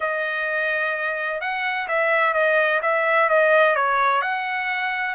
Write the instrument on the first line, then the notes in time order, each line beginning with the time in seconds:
trumpet
0.00 D#5
1.40 F#5
1.87 E5
2.33 D#5
2.82 E5
3.29 D#5
3.75 C#5
4.21 F#5